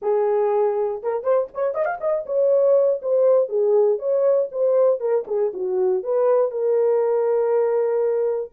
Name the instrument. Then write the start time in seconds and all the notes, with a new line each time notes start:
horn
0.02 G#4
1.02 A#4
1.22 C5
1.54 C#5
1.74 D#5
1.85 F5
2.00 D#5
2.26 C#5
3.02 C5
3.48 G#4
3.98 C#5
4.51 C5
5.00 A#4
5.27 G#4
5.53 F#4
6.02 B4
6.51 A#4